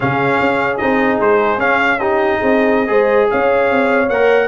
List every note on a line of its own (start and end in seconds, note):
0.00 0.40 C#3
0.00 0.79 C#4
0.00 1.99 G#4
0.00 0.77 F5
0.40 0.80 C#4
0.77 1.19 C4
0.77 1.59 D#4
0.77 1.17 D#5
1.19 1.57 G#3
1.19 1.59 C5
1.57 2.37 C#4
1.57 1.99 C#4
1.57 1.99 F5
1.99 2.86 D#4
1.99 2.38 G4
1.99 3.29 D#5
2.38 2.89 C4
2.38 2.88 G#4
2.86 3.29 G#3
2.86 4.06 G#4
2.86 3.30 C5
3.30 3.70 C#4
3.30 4.48 C#5
3.30 4.09 F5
3.70 4.09 C4
4.09 4.48 A#3
4.09 4.48 A#4
4.09 4.48 F#5